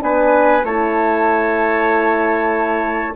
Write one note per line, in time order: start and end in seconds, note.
0.00 0.64 B3
0.00 0.62 D4
0.00 0.65 B4
0.00 0.65 G#5
0.64 3.14 A3
0.64 3.16 E4
0.64 3.15 C#5
0.64 3.15 A5